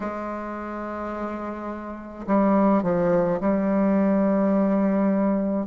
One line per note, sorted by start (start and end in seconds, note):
0.00 2.26 G#3
2.26 2.83 G3
2.83 3.39 F3
3.40 5.66 G3